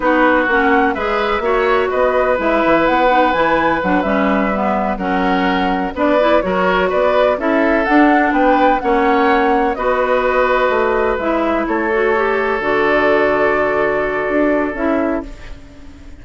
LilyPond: <<
  \new Staff \with { instrumentName = "flute" } { \time 4/4 \tempo 4 = 126 b'4 fis''4 e''2 | dis''4 e''4 fis''4 gis''4 | fis''8 e''2 fis''4.~ | fis''8 d''4 cis''4 d''4 e''8~ |
e''8 fis''4 g''4 fis''4.~ | fis''8 dis''2. e''8~ | e''8 cis''2 d''4.~ | d''2. e''4 | }
  \new Staff \with { instrumentName = "oboe" } { \time 4/4 fis'2 b'4 cis''4 | b'1~ | b'2~ b'8 ais'4.~ | ais'8 b'4 ais'4 b'4 a'8~ |
a'4. b'4 cis''4.~ | cis''8 b'2.~ b'8~ | b'8 a'2.~ a'8~ | a'1 | }
  \new Staff \with { instrumentName = "clarinet" } { \time 4/4 dis'4 cis'4 gis'4 fis'4~ | fis'4 e'4. dis'8 e'4 | d'8 cis'4 b4 cis'4.~ | cis'8 d'8 e'8 fis'2 e'8~ |
e'8 d'2 cis'4.~ | cis'8 fis'2. e'8~ | e'4 fis'8 g'4 fis'4.~ | fis'2. e'4 | }
  \new Staff \with { instrumentName = "bassoon" } { \time 4/4 b4 ais4 gis4 ais4 | b4 gis8 e8 b4 e4 | fis8 g2 fis4.~ | fis8 b4 fis4 b4 cis'8~ |
cis'8 d'4 b4 ais4.~ | ais8 b2 a4 gis8~ | gis8 a2 d4.~ | d2 d'4 cis'4 | }
>>